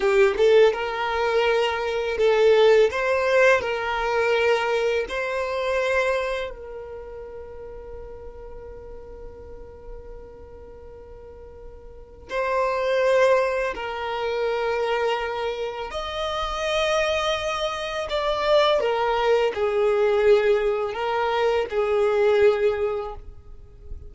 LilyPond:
\new Staff \with { instrumentName = "violin" } { \time 4/4 \tempo 4 = 83 g'8 a'8 ais'2 a'4 | c''4 ais'2 c''4~ | c''4 ais'2.~ | ais'1~ |
ais'4 c''2 ais'4~ | ais'2 dis''2~ | dis''4 d''4 ais'4 gis'4~ | gis'4 ais'4 gis'2 | }